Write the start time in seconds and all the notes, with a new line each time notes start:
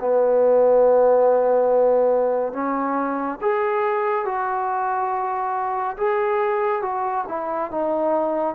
0.00 B3
2.53 C#4
3.41 G#4
4.25 F#4
5.97 G#4
6.82 F#4
7.28 E4
7.71 D#4